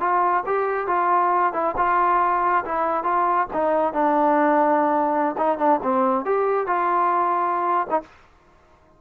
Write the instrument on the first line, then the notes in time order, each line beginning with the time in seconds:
trombone
0.00 F4
0.46 G4
0.87 F4
1.53 E4
1.77 F4
2.65 E4
3.03 F4
3.53 D#4
3.93 D4
5.37 D#4
5.58 D4
5.83 C4
6.25 G4
6.67 F4
7.90 D#4